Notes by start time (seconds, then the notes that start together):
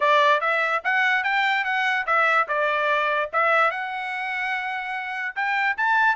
0.00 D5
0.41 E5
0.84 F#5
1.23 G5
1.64 F#5
2.06 E5
2.48 D5
3.32 E5
3.70 F#5
5.35 G5
5.77 A5